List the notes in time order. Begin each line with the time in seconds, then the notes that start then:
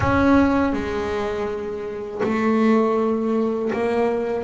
0.00 C#4
0.72 G#3
2.23 A3
3.72 A#3